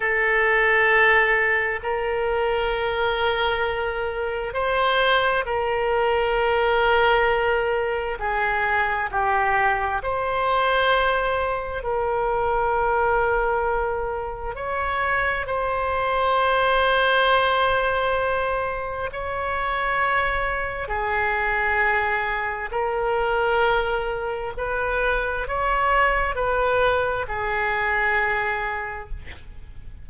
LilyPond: \new Staff \with { instrumentName = "oboe" } { \time 4/4 \tempo 4 = 66 a'2 ais'2~ | ais'4 c''4 ais'2~ | ais'4 gis'4 g'4 c''4~ | c''4 ais'2. |
cis''4 c''2.~ | c''4 cis''2 gis'4~ | gis'4 ais'2 b'4 | cis''4 b'4 gis'2 | }